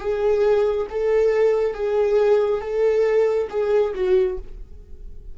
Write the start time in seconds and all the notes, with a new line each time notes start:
0.00 G#4
0.90 A4
1.74 G#4
2.61 A4
3.50 G#4
3.94 F#4